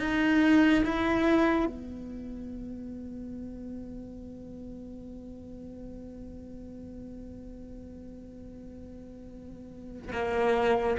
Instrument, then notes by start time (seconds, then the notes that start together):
cello
0.00 D#4
0.85 E4
1.67 B3
10.13 A#3